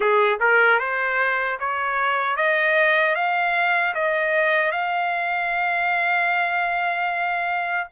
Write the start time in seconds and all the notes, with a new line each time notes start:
0.00 G#4
0.39 A#4
0.79 C5
1.59 C#5
2.36 D#5
3.15 F5
3.94 D#5
4.72 F5